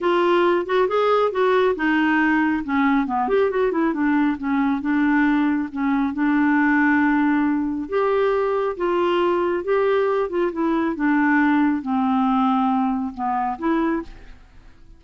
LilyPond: \new Staff \with { instrumentName = "clarinet" } { \time 4/4 \tempo 4 = 137 f'4. fis'8 gis'4 fis'4 | dis'2 cis'4 b8 g'8 | fis'8 e'8 d'4 cis'4 d'4~ | d'4 cis'4 d'2~ |
d'2 g'2 | f'2 g'4. f'8 | e'4 d'2 c'4~ | c'2 b4 e'4 | }